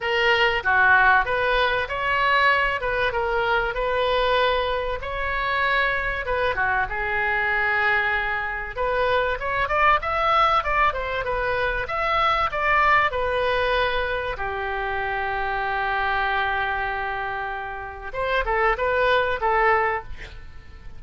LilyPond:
\new Staff \with { instrumentName = "oboe" } { \time 4/4 \tempo 4 = 96 ais'4 fis'4 b'4 cis''4~ | cis''8 b'8 ais'4 b'2 | cis''2 b'8 fis'8 gis'4~ | gis'2 b'4 cis''8 d''8 |
e''4 d''8 c''8 b'4 e''4 | d''4 b'2 g'4~ | g'1~ | g'4 c''8 a'8 b'4 a'4 | }